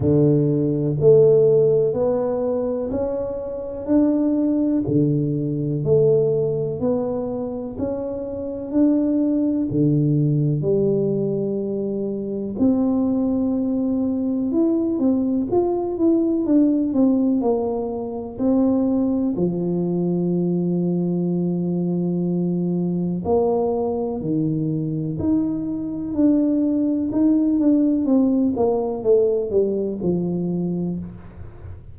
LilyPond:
\new Staff \with { instrumentName = "tuba" } { \time 4/4 \tempo 4 = 62 d4 a4 b4 cis'4 | d'4 d4 a4 b4 | cis'4 d'4 d4 g4~ | g4 c'2 e'8 c'8 |
f'8 e'8 d'8 c'8 ais4 c'4 | f1 | ais4 dis4 dis'4 d'4 | dis'8 d'8 c'8 ais8 a8 g8 f4 | }